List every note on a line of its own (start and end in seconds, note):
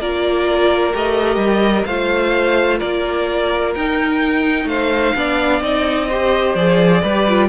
0.00 0.94 A#3
0.00 0.92 F4
0.00 1.87 A#4
0.00 0.94 D5
0.92 1.36 A3
0.92 1.86 G4
0.92 1.85 D#5
1.36 1.83 G3
1.85 2.80 A3
1.85 3.77 F4
1.85 2.79 C5
1.85 2.79 F5
2.79 3.76 A#3
2.79 4.66 A#4
2.79 3.73 D5
3.75 4.65 D#4
3.75 5.16 D#4
3.75 4.68 G5
4.65 5.12 A3
4.65 5.16 C5
4.65 5.62 F5
5.16 5.61 B3
5.16 5.61 D4
5.16 6.08 D5
5.61 6.55 C4
5.61 6.08 D#4
5.61 6.55 D#5
6.08 6.58 G4
6.08 7.02 C5
6.55 7.02 F3
6.55 7.04 G#4
6.55 7.49 D5
7.02 7.49 G3
7.02 7.28 G4
7.02 7.49 B4
7.28 7.49 F4